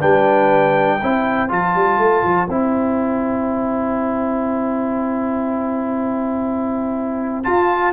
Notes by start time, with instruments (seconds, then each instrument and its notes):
0.00 tuba G3, trombone D4, horn B4, trumpet G5
0.99 tuba C4, trombone E4, horn C5
1.49 tuba F3, trombone F4, trumpet A5
1.76 tuba G3
1.99 tuba A3
2.24 tuba F3
2.49 tuba C4, trombone E4, trumpet G5
7.44 trombone F4, tuba F4, trumpet A5